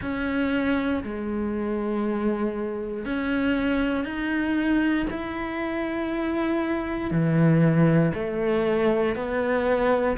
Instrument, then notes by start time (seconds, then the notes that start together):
cello
0.01 C#4
1.04 G#3
3.05 C#4
4.04 D#4
5.10 E4
7.10 E3
8.14 A3
9.15 B3